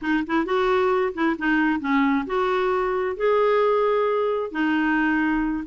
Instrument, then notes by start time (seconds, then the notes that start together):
clarinet
0.01 D#4
0.26 E4
0.45 F#4
1.13 E4
1.38 D#4
1.80 C#4
2.26 F#4
3.16 G#4
4.51 D#4